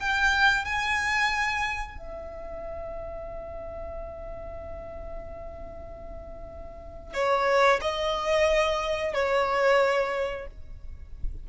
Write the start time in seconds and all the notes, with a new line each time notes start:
0.00 G5
0.65 G#5
1.98 E5
7.14 C#5
7.81 D#5
9.14 C#5